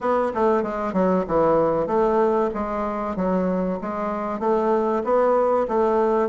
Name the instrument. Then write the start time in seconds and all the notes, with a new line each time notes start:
bassoon
0.01 B3
0.34 A3
0.63 G#3
0.93 F#3
1.27 E3
1.86 A3
2.53 G#3
3.16 F#3
3.81 G#3
4.39 A3
5.04 B3
5.68 A3